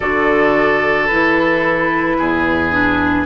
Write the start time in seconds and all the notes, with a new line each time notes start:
0.00 D3 F#4 A4 D5
1.06 E3 E4 B4
2.18 E2 G#4
2.71 D4